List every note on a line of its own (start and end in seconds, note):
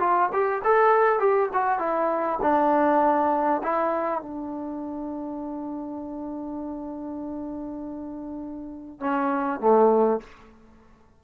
0.00 0.30 F4
0.33 0.63 G4
0.65 1.20 A4
1.20 1.50 G4
1.54 1.80 F#4
1.80 2.40 E4
2.42 3.62 D4
3.64 4.22 E4
4.22 9.01 D4
9.01 9.61 C#4
9.61 10.21 A3